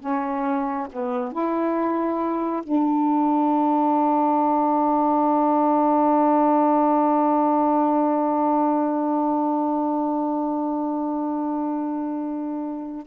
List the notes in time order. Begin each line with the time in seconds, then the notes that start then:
0.00 C#4
0.92 B3
1.32 E4
2.63 D4